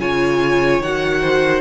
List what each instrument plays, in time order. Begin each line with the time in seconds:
0.00 cello C#3, viola F4, violin C#5 G#5
0.81 cello D#3, viola F#4, violin F#5
1.22 violin C5